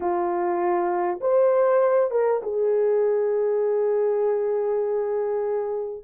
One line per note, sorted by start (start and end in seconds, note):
0.00 1.19 F4
1.21 2.10 C5
2.10 2.41 A#4
2.42 6.04 G#4